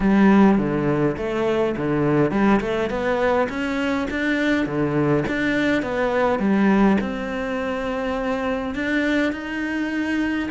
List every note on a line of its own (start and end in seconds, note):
0.00 0.58 G3
0.58 1.16 D3
1.17 1.75 A3
1.76 2.31 D3
2.31 2.60 G3
2.61 2.89 A3
2.89 3.48 B3
3.49 4.07 C#4
4.10 4.65 D4
4.65 5.24 D3
5.28 5.82 D4
5.82 6.39 B3
6.39 6.97 G3
7.00 8.74 C4
8.74 9.32 D4
9.32 10.49 D#4